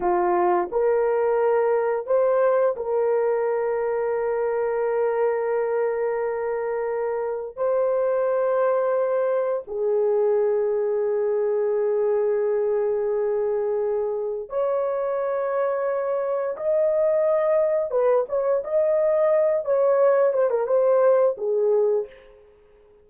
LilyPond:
\new Staff \with { instrumentName = "horn" } { \time 4/4 \tempo 4 = 87 f'4 ais'2 c''4 | ais'1~ | ais'2. c''4~ | c''2 gis'2~ |
gis'1~ | gis'4 cis''2. | dis''2 b'8 cis''8 dis''4~ | dis''8 cis''4 c''16 ais'16 c''4 gis'4 | }